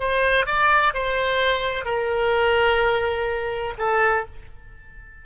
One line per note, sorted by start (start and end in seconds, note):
0.00 0.47 C5
0.47 0.94 D5
0.94 1.85 C5
1.85 3.74 A#4
3.78 4.26 A4